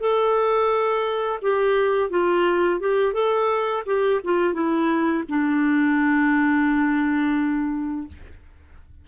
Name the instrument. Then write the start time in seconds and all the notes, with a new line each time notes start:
clarinet
0.00 A4
1.42 G4
2.10 F4
2.80 G4
3.13 A4
3.86 G4
4.24 F4
4.54 E4
5.29 D4